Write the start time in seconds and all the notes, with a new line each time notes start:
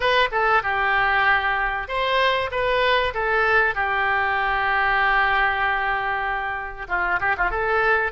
0.00 B4
0.31 A4
0.62 G4
1.88 C5
2.51 B4
3.14 A4
3.74 G4
6.88 F4
7.20 G4
7.37 F4
7.50 A4